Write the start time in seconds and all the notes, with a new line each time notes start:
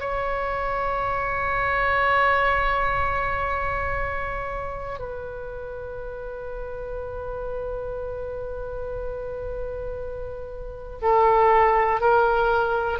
0.00 C#5
4.99 B4
11.02 A4
12.01 A#4